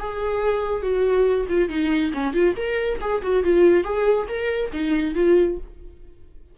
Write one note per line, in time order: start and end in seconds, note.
0.00 0.83 G#4
0.83 1.47 F#4
1.49 1.70 F4
1.70 2.13 D#4
2.14 2.34 C#4
2.34 2.56 F4
2.57 3.00 A#4
3.01 3.23 G#4
3.23 3.44 F#4
3.44 3.85 F4
3.85 4.28 G#4
4.29 4.72 A#4
4.73 5.15 D#4
5.15 5.58 F4